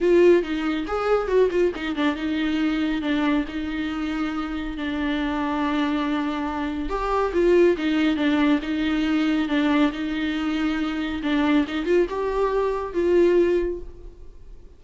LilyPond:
\new Staff \with { instrumentName = "viola" } { \time 4/4 \tempo 4 = 139 f'4 dis'4 gis'4 fis'8 f'8 | dis'8 d'8 dis'2 d'4 | dis'2. d'4~ | d'1 |
g'4 f'4 dis'4 d'4 | dis'2 d'4 dis'4~ | dis'2 d'4 dis'8 f'8 | g'2 f'2 | }